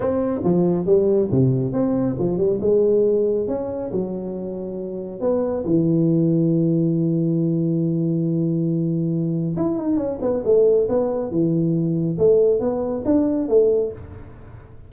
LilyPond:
\new Staff \with { instrumentName = "tuba" } { \time 4/4 \tempo 4 = 138 c'4 f4 g4 c4 | c'4 f8 g8 gis2 | cis'4 fis2. | b4 e2.~ |
e1~ | e2 e'8 dis'8 cis'8 b8 | a4 b4 e2 | a4 b4 d'4 a4 | }